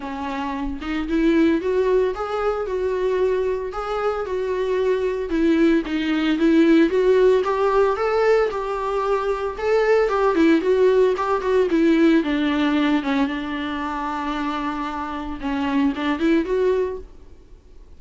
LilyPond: \new Staff \with { instrumentName = "viola" } { \time 4/4 \tempo 4 = 113 cis'4. dis'8 e'4 fis'4 | gis'4 fis'2 gis'4 | fis'2 e'4 dis'4 | e'4 fis'4 g'4 a'4 |
g'2 a'4 g'8 e'8 | fis'4 g'8 fis'8 e'4 d'4~ | d'8 cis'8 d'2.~ | d'4 cis'4 d'8 e'8 fis'4 | }